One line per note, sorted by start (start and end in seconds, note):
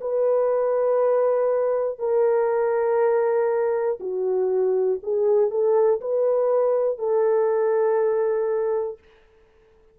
0.00 1.98 B4
1.98 3.98 A#4
4.00 5.00 F#4
5.02 5.50 G#4
5.50 6.00 A4
6.00 6.98 B4
6.98 8.98 A4